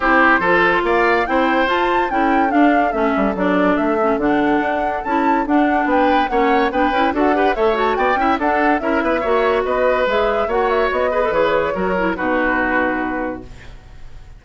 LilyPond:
<<
  \new Staff \with { instrumentName = "flute" } { \time 4/4 \tempo 4 = 143 c''2 f''4 g''4 | a''4 g''4 f''4 e''4 | d''4 e''4 fis''2 | a''4 fis''4 g''4 fis''4 |
g''4 fis''4 e''8 a''8 g''4 | fis''4 e''2 dis''4 | e''4 fis''8 e''8 dis''4 cis''4~ | cis''4 b'2. | }
  \new Staff \with { instrumentName = "oboe" } { \time 4/4 g'4 a'4 d''4 c''4~ | c''4 a'2.~ | a'1~ | a'2 b'4 cis''4 |
b'4 a'8 b'8 cis''4 d''8 e''8 | a'4 ais'8 b'8 cis''4 b'4~ | b'4 cis''4. b'4. | ais'4 fis'2. | }
  \new Staff \with { instrumentName = "clarinet" } { \time 4/4 e'4 f'2 e'4 | f'4 e'4 d'4 cis'4 | d'4. cis'8 d'2 | e'4 d'2 cis'4 |
d'8 e'8 fis'8 g'8 a'8 fis'4 e'8 | d'4 e'4 fis'2 | gis'4 fis'4. gis'16 a'16 gis'4 | fis'8 e'8 dis'2. | }
  \new Staff \with { instrumentName = "bassoon" } { \time 4/4 c'4 f4 ais4 c'4 | f'4 cis'4 d'4 a8 g8 | fis4 a4 d4 d'4 | cis'4 d'4 b4 ais4 |
b8 cis'8 d'4 a4 b8 cis'8 | d'4 cis'8 b8 ais4 b4 | gis4 ais4 b4 e4 | fis4 b,2. | }
>>